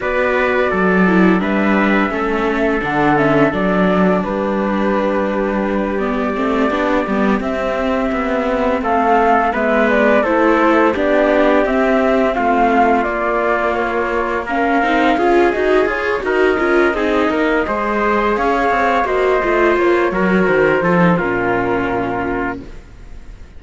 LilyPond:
<<
  \new Staff \with { instrumentName = "flute" } { \time 4/4 \tempo 4 = 85 d''2 e''2 | fis''8 e''8 d''4 b'2~ | b'8 d''2 e''4.~ | e''8 f''4 e''8 d''8 c''4 d''8~ |
d''8 e''4 f''4 d''4 cis''8~ | cis''8 f''4. dis''8 cis''8 dis''4~ | dis''2 f''4 dis''4 | cis''4 c''4 ais'2 | }
  \new Staff \with { instrumentName = "trumpet" } { \time 4/4 b'4 a'4 b'4 a'4~ | a'2 g'2~ | g'1~ | g'8 a'4 b'4 a'4 g'8~ |
g'4. f'2~ f'8~ | f'8 ais'4 gis'4. ais'4 | gis'8 ais'8 c''4 cis''4 c''4~ | c''8 ais'4 a'8 f'2 | }
  \new Staff \with { instrumentName = "viola" } { \time 4/4 fis'4. e'8 d'4 cis'4 | d'8 cis'8 d'2.~ | d'8 b8 c'8 d'8 b8 c'4.~ | c'4. b4 e'4 d'8~ |
d'8 c'2 ais4.~ | ais8 cis'8 dis'8 f'8 fis'8 gis'8 fis'8 f'8 | dis'4 gis'2 fis'8 f'8~ | f'8 fis'4 f'16 dis'16 cis'2 | }
  \new Staff \with { instrumentName = "cello" } { \time 4/4 b4 fis4 g4 a4 | d4 fis4 g2~ | g4 a8 b8 g8 c'4 b8~ | b8 a4 gis4 a4 b8~ |
b8 c'4 a4 ais4.~ | ais4 c'8 cis'8 dis'8 f'8 dis'8 cis'8 | c'8 ais8 gis4 cis'8 c'8 ais8 a8 | ais8 fis8 dis8 f8 ais,2 | }
>>